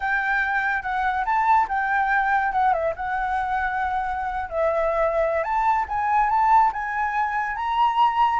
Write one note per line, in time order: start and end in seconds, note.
0.00 0.82 G5
0.82 1.24 F#5
1.25 1.67 A5
1.68 2.52 G5
2.52 2.73 F#5
2.73 2.94 E5
2.96 4.49 F#5
4.49 5.43 E5
5.43 5.85 A5
5.88 6.29 G#5
6.29 6.71 A5
6.72 7.56 G#5
7.56 8.39 A#5